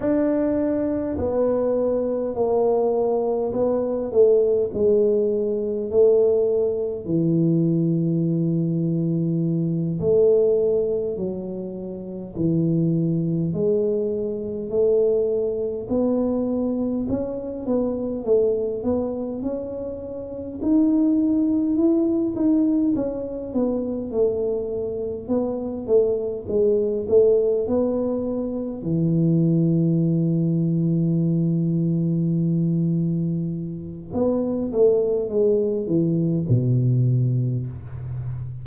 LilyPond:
\new Staff \with { instrumentName = "tuba" } { \time 4/4 \tempo 4 = 51 d'4 b4 ais4 b8 a8 | gis4 a4 e2~ | e8 a4 fis4 e4 gis8~ | gis8 a4 b4 cis'8 b8 a8 |
b8 cis'4 dis'4 e'8 dis'8 cis'8 | b8 a4 b8 a8 gis8 a8 b8~ | b8 e2.~ e8~ | e4 b8 a8 gis8 e8 b,4 | }